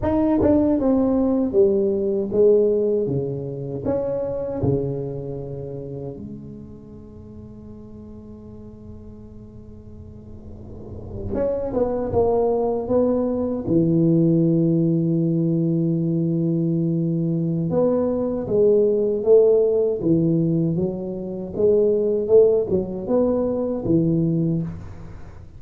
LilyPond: \new Staff \with { instrumentName = "tuba" } { \time 4/4 \tempo 4 = 78 dis'8 d'8 c'4 g4 gis4 | cis4 cis'4 cis2 | gis1~ | gis2~ gis8. cis'8 b8 ais16~ |
ais8. b4 e2~ e16~ | e2. b4 | gis4 a4 e4 fis4 | gis4 a8 fis8 b4 e4 | }